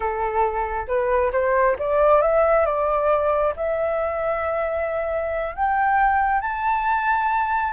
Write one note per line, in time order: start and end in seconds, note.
0.00 0.87 A4
0.87 1.31 B4
1.32 1.76 C5
1.78 2.21 D5
2.21 2.65 E5
2.65 3.54 D5
3.56 5.55 E5
5.55 6.41 G5
6.41 7.72 A5